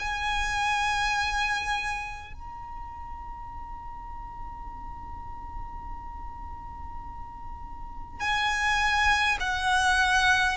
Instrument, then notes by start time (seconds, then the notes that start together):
violin
0.00 G#5
2.34 A#5
8.20 G#5
9.41 F#5